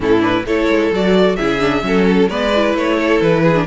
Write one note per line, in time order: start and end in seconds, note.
0.00 0.44 A2
0.00 0.18 C#4
0.00 0.46 E4
0.00 0.22 A4
0.18 0.41 D4
0.18 0.45 B4
0.45 0.68 A3
0.45 0.92 E4
0.45 1.37 A4
0.45 0.93 C#5
0.68 0.91 G#3
0.92 1.37 F#3
0.92 1.38 F#4
0.92 1.36 D5
1.36 1.82 C#3
1.36 1.59 E4
1.36 1.82 G#4
1.36 2.04 E5
1.59 1.82 D4
1.82 2.28 F#3
1.82 2.27 C#4
1.82 2.28 A4
2.07 2.29 A4
2.28 2.74 G#3
2.28 2.52 B3
2.28 2.96 B4
2.28 2.75 D5
2.55 3.54 E4
2.74 3.20 A3
2.74 3.21 C#5
2.97 3.43 A4
3.21 3.67 E3
3.21 3.67 B4
3.43 3.66 G#4
3.54 3.65 D4